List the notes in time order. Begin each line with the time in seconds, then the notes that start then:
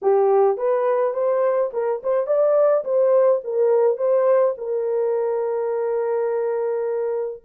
0.02 G4
0.57 B4
1.13 C5
1.73 A#4
2.03 C5
2.26 D5
2.84 C5
3.44 A#4
3.97 C5
4.57 A#4